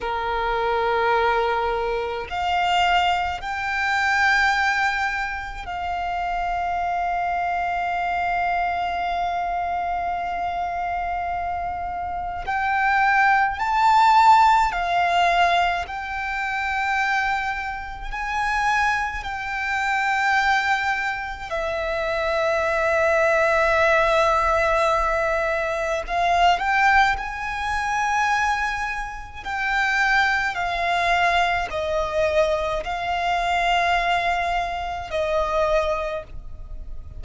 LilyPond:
\new Staff \with { instrumentName = "violin" } { \time 4/4 \tempo 4 = 53 ais'2 f''4 g''4~ | g''4 f''2.~ | f''2. g''4 | a''4 f''4 g''2 |
gis''4 g''2 e''4~ | e''2. f''8 g''8 | gis''2 g''4 f''4 | dis''4 f''2 dis''4 | }